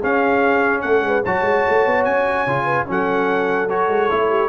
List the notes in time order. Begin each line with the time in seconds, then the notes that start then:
0.00 C#4 G#4 F5
0.81 A3 A4 F#5
1.02 G#3 B4
1.25 F#3 F#4 C#5 A5
1.42 G#3
1.69 A3
1.86 B3
2.05 C#4 G#5
2.47 C#3 F4
2.65 B4
2.86 F#3 C#4 A4 F#5
3.69 F#4 C#5
3.88 G#3
4.10 A3 E4
4.29 G4